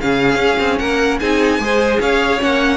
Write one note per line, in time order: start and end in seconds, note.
0.00 0.36 C#3
0.00 1.21 C#4
0.00 0.80 G#4
0.00 0.78 F5
0.36 0.56 C#4
0.59 0.79 C4
0.78 1.20 A#3
0.78 1.20 A#4
0.78 1.18 F#5
1.20 1.59 C4
1.20 1.60 D#4
1.20 1.60 G#4
1.20 2.00 G#5
1.59 1.99 G#3
1.59 2.39 G#4
1.59 2.00 C5
2.00 2.41 C#4
2.00 2.77 C#5
2.00 2.41 F5
2.39 2.77 A#3
2.39 2.77 C#4
2.39 2.77 F#5